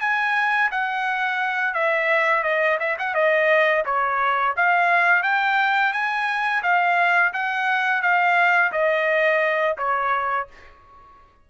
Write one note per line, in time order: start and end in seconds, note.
0.00 0.70 G#5
0.71 1.74 F#5
1.74 2.43 E5
2.43 2.77 D#5
2.79 2.97 E5
2.98 3.14 F#5
3.14 3.84 D#5
3.85 4.55 C#5
4.56 5.23 F5
5.23 5.92 G5
5.92 6.62 G#5
6.62 7.32 F5
7.33 8.01 F#5
8.01 8.71 F5
8.71 9.76 D#5
9.77 10.47 C#5